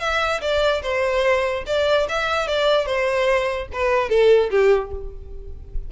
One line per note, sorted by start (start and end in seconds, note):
0.00 0.41 E5
0.41 0.82 D5
0.83 1.64 C5
1.66 2.07 D5
2.09 2.48 E5
2.48 2.86 D5
2.86 3.68 C5
3.73 4.09 B4
4.09 4.50 A4
4.51 4.91 G4